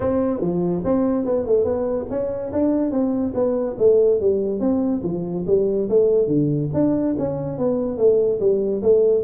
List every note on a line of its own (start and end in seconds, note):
0.00 0.40 C4
0.40 0.82 F3
0.84 1.25 C4
1.25 1.46 B3
1.46 1.64 A3
1.64 2.06 B3
2.09 2.51 C#4
2.52 2.91 D4
2.91 3.33 C4
3.34 3.76 B3
3.78 4.20 A3
4.20 4.60 G3
4.60 5.02 C4
5.03 5.45 F3
5.46 5.88 G3
5.89 6.27 A3
6.27 6.69 D3
6.73 7.15 D4
7.18 7.58 C#4
7.58 7.97 B3
7.97 8.39 A3
8.40 8.81 G3
8.82 9.23 A3